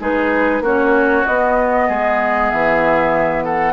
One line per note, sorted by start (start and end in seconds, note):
0.00 0.61 G#3
0.00 0.63 D#4
0.00 0.63 G#4
0.00 0.64 B4
0.61 1.23 A#3
0.61 1.26 C#4
0.61 1.88 F#4
0.61 1.25 C#5
1.25 1.89 B3
1.25 3.73 B3
1.25 2.50 D#5
1.88 2.51 G#3
1.88 3.44 G#4
2.50 3.73 E3
2.50 3.44 E5
3.44 3.73 A4
3.44 3.73 F#5